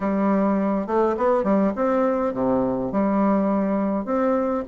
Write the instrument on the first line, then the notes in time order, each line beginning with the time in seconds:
bassoon
0.00 G3
0.86 A3
1.17 B3
1.43 G3
1.75 C4
2.33 C3
2.92 G3
4.05 C4